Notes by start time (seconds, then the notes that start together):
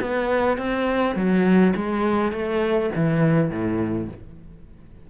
0.00 B3
0.57 C4
1.15 F#3
1.75 G#3
2.31 A3
2.95 E3
3.50 A2